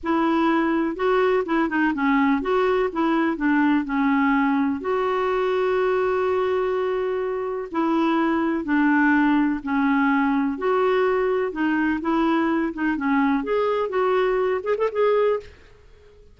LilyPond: \new Staff \with { instrumentName = "clarinet" } { \time 4/4 \tempo 4 = 125 e'2 fis'4 e'8 dis'8 | cis'4 fis'4 e'4 d'4 | cis'2 fis'2~ | fis'1 |
e'2 d'2 | cis'2 fis'2 | dis'4 e'4. dis'8 cis'4 | gis'4 fis'4. gis'16 a'16 gis'4 | }